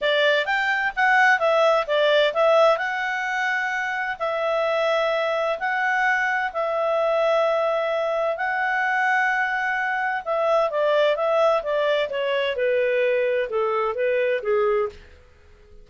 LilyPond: \new Staff \with { instrumentName = "clarinet" } { \time 4/4 \tempo 4 = 129 d''4 g''4 fis''4 e''4 | d''4 e''4 fis''2~ | fis''4 e''2. | fis''2 e''2~ |
e''2 fis''2~ | fis''2 e''4 d''4 | e''4 d''4 cis''4 b'4~ | b'4 a'4 b'4 gis'4 | }